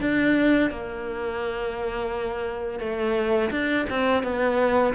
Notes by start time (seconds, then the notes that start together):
0.00 D4
0.70 A#3
2.79 A3
3.51 D4
3.90 C4
4.23 B3